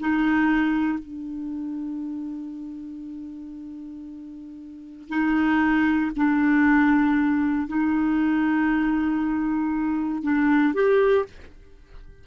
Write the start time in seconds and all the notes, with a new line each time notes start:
0.00 D#4
0.99 D4
5.09 D#4
6.16 D4
7.68 D#4
10.23 D4
10.74 G4